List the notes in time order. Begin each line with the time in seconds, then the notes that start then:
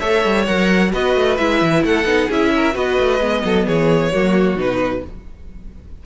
0.00 A3 A4 C#5 E5
0.25 G3
0.46 F#3 A#4 F#5
0.92 B3 F#4 B4 D#5
1.16 A3
1.38 G#3 E4 E5
1.62 E3
1.84 A3 A4 F#5
2.05 B3 D#4
2.28 C#4 E4 G#4 E5
2.56 A#4
2.74 B3 F#4 B4 D#5
3.00 A3
3.21 G#3 B3
3.45 F#3 A4
3.67 E3 G#4 C#5
4.13 F#3 A#3 F#4
4.56 B2 D#4 B4